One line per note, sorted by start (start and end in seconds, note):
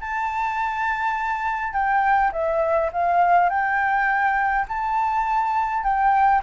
0.00 1.73 A5
1.73 2.31 G5
2.32 2.90 E5
2.93 3.49 F5
3.49 4.66 G5
4.68 5.83 A5
5.83 6.42 G5